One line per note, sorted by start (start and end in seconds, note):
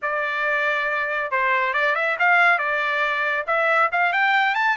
0.01 1.31 D5
1.31 1.73 C5
1.73 1.95 D5
1.95 2.16 E5
2.19 2.58 F5
2.58 3.45 D5
3.46 3.90 E5
3.92 4.12 F5
4.12 4.55 G5
4.55 4.76 A5